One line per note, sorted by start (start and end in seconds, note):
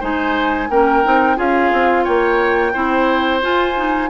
0.00 0.70 G#3
0.00 0.69 D#4
0.00 0.68 C5
0.00 0.71 G#5
0.70 1.04 A#3
0.70 1.04 C#4
0.70 1.37 A#4
0.70 1.39 G5
1.04 1.38 C4
1.04 1.36 D#4
1.36 1.72 C#4
1.36 2.72 F4
1.36 2.04 G#4
1.36 2.05 F5
1.72 2.06 C4
2.04 2.75 A#3
2.04 2.72 C#5
2.04 3.41 G5
2.73 3.43 C4
2.73 3.41 E4
2.73 4.10 C5
3.41 3.75 F4
3.41 4.10 F4
3.41 4.10 G#5
3.76 4.10 D#4